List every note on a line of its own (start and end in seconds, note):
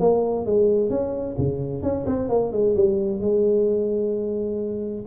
0.00 0.46 A#3
0.46 0.90 G#3
0.90 1.36 C#4
1.38 1.83 C#3
1.83 2.06 C#4
2.06 2.29 C4
2.29 2.52 A#3
2.52 2.75 G#3
2.75 3.21 G3
3.21 5.05 G#3